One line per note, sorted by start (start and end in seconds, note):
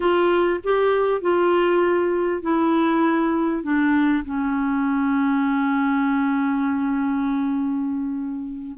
0.00 0.60 F4
0.63 1.21 G4
1.21 2.41 F4
2.41 3.63 E4
3.63 4.23 D4
4.24 8.77 C#4